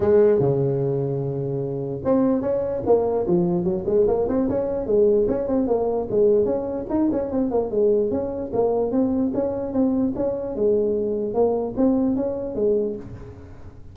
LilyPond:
\new Staff \with { instrumentName = "tuba" } { \time 4/4 \tempo 4 = 148 gis4 cis2.~ | cis4 c'4 cis'4 ais4 | f4 fis8 gis8 ais8 c'8 cis'4 | gis4 cis'8 c'8 ais4 gis4 |
cis'4 dis'8 cis'8 c'8 ais8 gis4 | cis'4 ais4 c'4 cis'4 | c'4 cis'4 gis2 | ais4 c'4 cis'4 gis4 | }